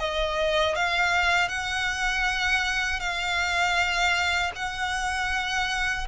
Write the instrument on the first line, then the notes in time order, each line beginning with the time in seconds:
violin
0.00 D#5
0.76 F5
1.49 F#5
3.00 F5
4.56 F#5